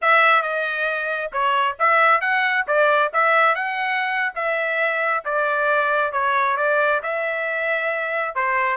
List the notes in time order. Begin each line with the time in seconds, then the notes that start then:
0.01 E5
0.42 D#5
1.32 C#5
1.79 E5
2.21 F#5
2.67 D5
3.13 E5
3.55 F#5
4.35 E5
5.24 D5
6.12 C#5
6.57 D5
7.02 E5
8.35 C5